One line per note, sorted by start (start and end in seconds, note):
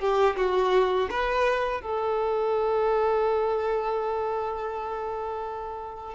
0.00 0.36 G4
0.37 1.09 F#4
1.11 1.82 B4
1.82 6.15 A4